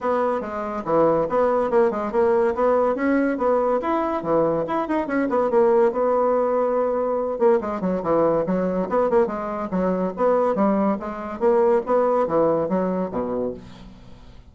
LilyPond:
\new Staff \with { instrumentName = "bassoon" } { \time 4/4 \tempo 4 = 142 b4 gis4 e4 b4 | ais8 gis8 ais4 b4 cis'4 | b4 e'4 e4 e'8 dis'8 | cis'8 b8 ais4 b2~ |
b4. ais8 gis8 fis8 e4 | fis4 b8 ais8 gis4 fis4 | b4 g4 gis4 ais4 | b4 e4 fis4 b,4 | }